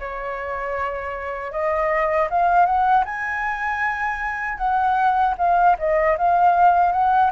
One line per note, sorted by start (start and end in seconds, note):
0.00 1.52 C#5
1.52 2.29 D#5
2.30 2.66 F5
2.66 3.05 F#5
3.06 4.58 G#5
4.58 5.35 F#5
5.38 5.77 F5
5.79 6.17 D#5
6.18 6.93 F5
6.93 7.31 F#5